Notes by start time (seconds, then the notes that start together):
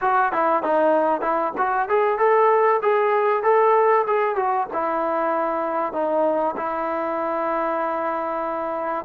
0.01 F#4
0.32 E4
0.62 D#4
1.21 E4
1.57 F#4
1.88 G#4
2.18 A4
2.82 G#4
3.43 A4
4.07 G#4
4.35 F#4
4.73 E4
5.92 D#4
6.56 E4